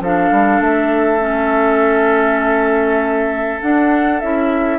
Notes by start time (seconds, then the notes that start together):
0.00 F3 D4 A4 F5
0.31 G3
0.60 A3 E5
1.19 C#4
3.62 D4 F#5
4.20 C#4 E4 E5